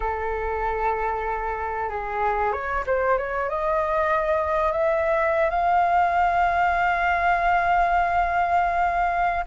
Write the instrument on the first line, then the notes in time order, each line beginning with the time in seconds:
flute
0.00 A4
1.89 G#4
2.52 C#5
2.86 C5
3.18 C#5
3.49 D#5
4.71 E5
5.49 F5